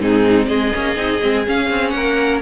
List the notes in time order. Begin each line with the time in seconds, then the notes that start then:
0.00 G#2 C4 D#4 G#4
0.46 G#3 G#4 D#5
0.74 A#3 C#4
0.96 C4 D#4
1.22 G#3 C4
1.46 C#4 F5
1.71 C4
1.90 A#3 F#5
1.96 A#4